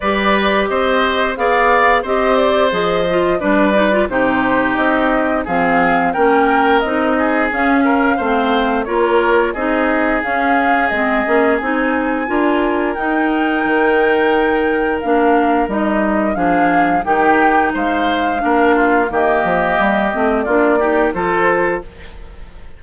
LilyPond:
<<
  \new Staff \with { instrumentName = "flute" } { \time 4/4 \tempo 4 = 88 d''4 dis''4 f''4 dis''8 d''8 | dis''4 d''4 c''4 dis''4 | f''4 g''4 dis''4 f''4~ | f''4 cis''4 dis''4 f''4 |
dis''4 gis''2 g''4~ | g''2 f''4 dis''4 | f''4 g''4 f''2 | dis''2 d''4 c''4 | }
  \new Staff \with { instrumentName = "oboe" } { \time 4/4 b'4 c''4 d''4 c''4~ | c''4 b'4 g'2 | gis'4 ais'4. gis'4 ais'8 | c''4 ais'4 gis'2~ |
gis'2 ais'2~ | ais'1 | gis'4 g'4 c''4 ais'8 f'8 | g'2 f'8 g'8 a'4 | }
  \new Staff \with { instrumentName = "clarinet" } { \time 4/4 g'2 gis'4 g'4 | gis'8 f'8 d'8 dis'16 f'16 dis'2 | c'4 cis'4 dis'4 cis'4 | c'4 f'4 dis'4 cis'4 |
c'8 cis'8 dis'4 f'4 dis'4~ | dis'2 d'4 dis'4 | d'4 dis'2 d'4 | ais4. c'8 d'8 dis'8 f'4 | }
  \new Staff \with { instrumentName = "bassoon" } { \time 4/4 g4 c'4 b4 c'4 | f4 g4 c4 c'4 | f4 ais4 c'4 cis'4 | a4 ais4 c'4 cis'4 |
gis8 ais8 c'4 d'4 dis'4 | dis2 ais4 g4 | f4 dis4 gis4 ais4 | dis8 f8 g8 a8 ais4 f4 | }
>>